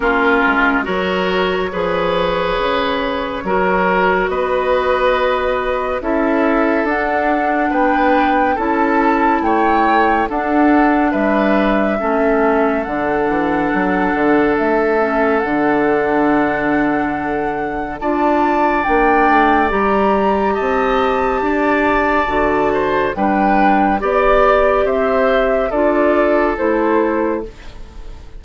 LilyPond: <<
  \new Staff \with { instrumentName = "flute" } { \time 4/4 \tempo 4 = 70 ais'4 cis''2.~ | cis''4 dis''2 e''4 | fis''4 g''4 a''4 g''4 | fis''4 e''2 fis''4~ |
fis''4 e''4 fis''2~ | fis''4 a''4 g''4 ais''4 | a''2. g''4 | d''4 e''4 d''4 c''4 | }
  \new Staff \with { instrumentName = "oboe" } { \time 4/4 f'4 ais'4 b'2 | ais'4 b'2 a'4~ | a'4 b'4 a'4 cis''4 | a'4 b'4 a'2~ |
a'1~ | a'4 d''2. | dis''4 d''4. c''8 b'4 | d''4 c''4 a'2 | }
  \new Staff \with { instrumentName = "clarinet" } { \time 4/4 cis'4 fis'4 gis'2 | fis'2. e'4 | d'2 e'2 | d'2 cis'4 d'4~ |
d'4. cis'8 d'2~ | d'4 f'4 d'4 g'4~ | g'2 fis'4 d'4 | g'2 f'4 e'4 | }
  \new Staff \with { instrumentName = "bassoon" } { \time 4/4 ais8 gis8 fis4 f4 cis4 | fis4 b2 cis'4 | d'4 b4 cis'4 a4 | d'4 g4 a4 d8 e8 |
fis8 d8 a4 d2~ | d4 d'4 ais8 a8 g4 | c'4 d'4 d4 g4 | b4 c'4 d'4 a4 | }
>>